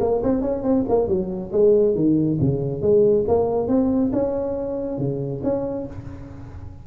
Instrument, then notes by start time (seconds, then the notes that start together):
tuba
0.00 A#3
0.23 C4
0.41 C#4
0.62 C4
0.88 A#3
1.08 F#3
1.52 G#3
1.95 D#3
2.40 C#3
2.81 G#3
3.27 A#3
3.68 C4
4.12 C#4
4.98 C#3
5.43 C#4